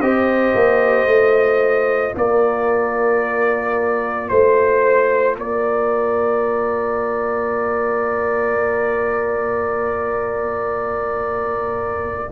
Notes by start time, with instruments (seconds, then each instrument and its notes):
0.00 tuba C4, trombone G4, horn C5, trumpet D#5
0.54 tuba A#3
1.06 tuba A3, trombone F4
2.15 tuba A#3, horn A#4, trumpet D5
4.28 tuba A3, trumpet C5, horn C5
5.37 tuba A#3, horn A#4, trumpet D5